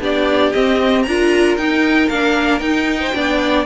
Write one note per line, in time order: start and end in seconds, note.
0.00 0.52 B3
0.00 0.52 D4
0.00 1.06 G4
0.00 0.52 D5
0.52 1.07 C4
0.52 1.06 C4
0.52 1.03 D#5
1.03 1.57 D4
1.03 1.58 F4
1.03 3.01 A#4
1.03 1.55 A#5
1.57 2.09 D#4
1.57 2.11 D#4
1.57 2.09 G5
2.09 2.60 A#3
2.09 2.61 D4
2.09 2.59 F5
2.59 3.12 D#4
2.59 3.13 D#4
2.59 3.63 G5
3.01 3.14 C5
3.14 3.66 B3
3.14 3.66 D4
3.14 3.66 D5